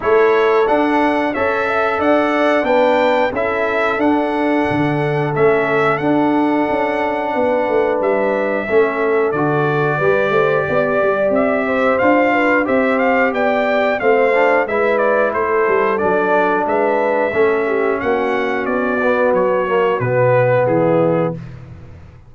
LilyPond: <<
  \new Staff \with { instrumentName = "trumpet" } { \time 4/4 \tempo 4 = 90 cis''4 fis''4 e''4 fis''4 | g''4 e''4 fis''2 | e''4 fis''2. | e''2 d''2~ |
d''4 e''4 f''4 e''8 f''8 | g''4 f''4 e''8 d''8 c''4 | d''4 e''2 fis''4 | d''4 cis''4 b'4 gis'4 | }
  \new Staff \with { instrumentName = "horn" } { \time 4/4 a'2 cis''8 e''8 d''4 | b'4 a'2.~ | a'2. b'4~ | b'4 a'2 b'8 c''8 |
d''4. c''4 b'8 c''4 | d''4 c''4 b'4 a'4~ | a'4 b'4 a'8 g'8 fis'4~ | fis'2. e'4 | }
  \new Staff \with { instrumentName = "trombone" } { \time 4/4 e'4 d'4 a'2 | d'4 e'4 d'2 | cis'4 d'2.~ | d'4 cis'4 fis'4 g'4~ |
g'2 f'4 g'4~ | g'4 c'8 d'8 e'2 | d'2 cis'2~ | cis'8 b4 ais8 b2 | }
  \new Staff \with { instrumentName = "tuba" } { \time 4/4 a4 d'4 cis'4 d'4 | b4 cis'4 d'4 d4 | a4 d'4 cis'4 b8 a8 | g4 a4 d4 g8 a8 |
b8 g8 c'4 d'4 c'4 | b4 a4 gis4 a8 g8 | fis4 gis4 a4 ais4 | b4 fis4 b,4 e4 | }
>>